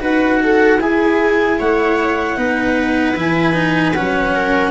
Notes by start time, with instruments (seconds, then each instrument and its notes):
0.00 tuba D#4, cello F#4, viola B4, clarinet F#5
0.43 viola A4
0.78 tuba E4, cello E4, viola G#4, clarinet G#5
1.59 tuba A3, viola C#5, clarinet F#5
2.36 tuba B3, cello D#4, viola B4
3.15 tuba E3, cello E4, clarinet G#5
3.53 cello D#4
3.94 tuba F#3, cello C#4, clarinet F#5
4.34 viola A#4